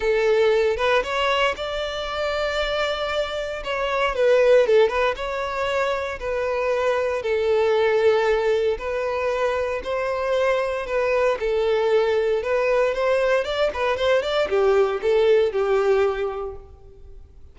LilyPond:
\new Staff \with { instrumentName = "violin" } { \time 4/4 \tempo 4 = 116 a'4. b'8 cis''4 d''4~ | d''2. cis''4 | b'4 a'8 b'8 cis''2 | b'2 a'2~ |
a'4 b'2 c''4~ | c''4 b'4 a'2 | b'4 c''4 d''8 b'8 c''8 d''8 | g'4 a'4 g'2 | }